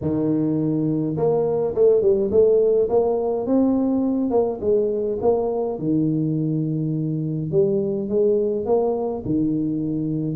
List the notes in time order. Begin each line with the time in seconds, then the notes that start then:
0.01 D#3
1.16 A#3
1.75 A3
2.01 G3
2.31 A3
2.89 A#3
3.46 C4
4.30 A#3
4.60 G#3
5.21 A#3
5.78 D#3
7.51 G3
8.08 G#3
8.65 A#3
9.25 D#3